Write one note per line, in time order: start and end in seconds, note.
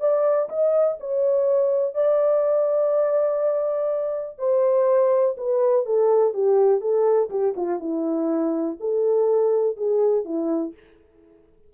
0.00 0.49 D5
0.49 0.98 D#5
1.00 1.94 C#5
1.94 4.38 D5
4.38 5.35 C5
5.37 5.85 B4
5.85 6.33 A4
6.33 6.80 G4
6.80 7.29 A4
7.30 7.54 G4
7.56 7.80 F4
7.80 8.77 E4
8.80 9.76 A4
9.76 10.25 G#4
10.25 10.74 E4